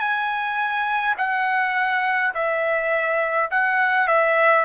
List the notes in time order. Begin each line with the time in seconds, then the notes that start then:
0.00 G#5
1.18 F#5
2.35 E5
3.51 F#5
4.08 E5